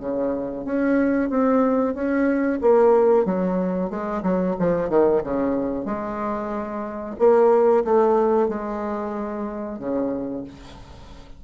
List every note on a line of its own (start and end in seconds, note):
0.00 0.65 C#3
0.65 1.30 C#4
1.30 1.95 C4
1.95 2.60 C#4
2.61 3.25 A#3
3.25 3.90 F#3
3.90 4.23 G#3
4.23 4.56 F#3
4.60 4.90 F3
4.90 5.22 D#3
5.24 5.86 C#3
5.86 7.16 G#3
7.19 7.84 A#3
7.85 8.49 A3
8.49 9.79 G#3
9.79 10.44 C#3